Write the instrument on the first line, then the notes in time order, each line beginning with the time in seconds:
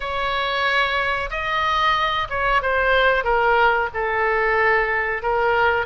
oboe
0.00 C#5
1.30 D#5
2.29 C#5
2.61 C5
3.23 A#4
3.94 A4
5.22 A#4